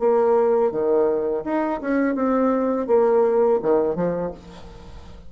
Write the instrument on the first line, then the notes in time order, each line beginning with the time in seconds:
bassoon
0.00 A#3
0.72 D#3
1.45 D#4
1.81 C#4
2.15 C4
2.88 A#3
3.63 D#3
3.96 F3